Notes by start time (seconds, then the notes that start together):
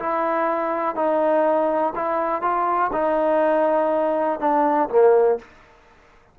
0.00 E4
0.96 D#4
1.96 E4
2.42 F4
2.93 D#4
4.40 D4
4.90 A#3